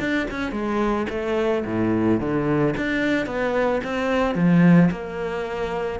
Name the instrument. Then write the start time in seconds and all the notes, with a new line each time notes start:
cello
0.00 D4
0.31 C#4
0.52 G#3
1.10 A3
1.66 A2
2.20 D3
2.77 D4
3.27 B3
3.84 C4
4.35 F3
4.91 A#3